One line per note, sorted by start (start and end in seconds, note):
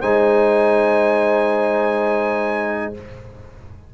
0.00 2.94 G#3
0.00 2.94 D#4
0.00 2.92 C5
0.00 2.93 G#5